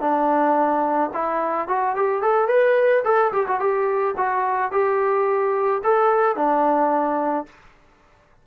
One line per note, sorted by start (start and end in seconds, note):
0.00 1.10 D4
1.13 1.68 E4
1.68 1.95 F#4
1.95 2.22 G4
2.22 2.48 A4
2.48 3.03 B4
3.04 3.32 A4
3.32 3.46 G4
3.47 3.60 F#4
3.60 4.15 G4
4.17 4.72 F#4
4.72 5.82 G4
5.83 6.36 A4
6.36 7.46 D4